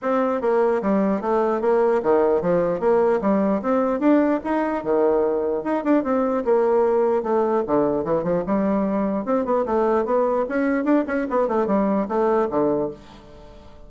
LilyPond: \new Staff \with { instrumentName = "bassoon" } { \time 4/4 \tempo 4 = 149 c'4 ais4 g4 a4 | ais4 dis4 f4 ais4 | g4 c'4 d'4 dis'4 | dis2 dis'8 d'8 c'4 |
ais2 a4 d4 | e8 f8 g2 c'8 b8 | a4 b4 cis'4 d'8 cis'8 | b8 a8 g4 a4 d4 | }